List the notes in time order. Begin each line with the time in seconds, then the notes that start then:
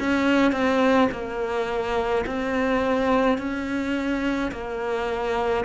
0.00 C#4
0.52 C4
1.12 A#3
2.27 C4
3.38 C#4
4.52 A#3